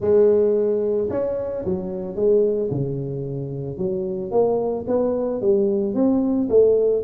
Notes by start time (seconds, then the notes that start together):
0.00 G#3
1.10 C#4
1.65 F#3
2.15 G#3
2.70 C#3
3.77 F#3
4.31 A#3
4.87 B3
5.41 G3
5.94 C4
6.49 A3